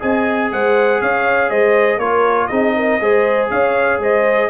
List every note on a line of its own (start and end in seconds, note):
0.00 0.52 C4
0.00 2.00 G#4
0.00 0.50 D#5
0.00 0.52 G#5
0.52 1.02 G#3
0.52 1.01 C5
0.52 1.02 F#5
1.01 1.51 C#4
1.01 1.50 C#5
1.01 1.51 F5
1.50 1.98 G#3
1.50 2.00 C5
1.50 2.00 D#5
1.98 2.48 A#3
1.98 2.51 F4
1.98 2.50 A#4
1.98 2.47 C#5
2.47 3.00 C4
2.47 3.01 D#4
2.47 2.75 G#4
2.47 3.47 D#5
2.76 3.01 A#4
3.00 3.50 G#3
3.00 4.51 G#4
3.00 3.52 C5
3.51 3.99 C#4
3.51 4.01 C#5
3.51 4.01 F5
3.99 4.49 G#3
3.99 4.51 C5
3.99 4.51 D#5